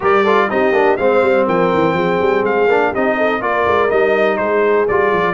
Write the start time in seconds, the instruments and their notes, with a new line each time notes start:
0.00 tuba G3, trombone G4, horn A#4, trumpet D5
0.23 trombone F4, horn A4
0.49 tuba C4, trombone D#4, horn G4, trumpet D#5
0.71 tuba A#3, trombone D4
0.97 tuba G#3, trombone C4, horn C5, trumpet F5
1.22 tuba G3
1.46 tuba F3, horn A#4, trumpet G5
1.73 tuba E3
1.93 tuba F3, horn G#4
2.21 tuba G3
2.43 tuba G#3, trumpet F5
2.67 tuba A#3, trombone D4
2.91 tuba C4, trombone D#4, horn G4, trumpet D#5
3.17 horn A4
3.40 tuba A#3, trombone F4, horn A#4, trumpet D5
3.66 tuba G#3
3.89 tuba G3, trombone D#4, trumpet D#5
4.37 tuba G#3, horn G#4, trumpet C5
4.88 tuba G3, trombone F4, trumpet D5
5.12 tuba F3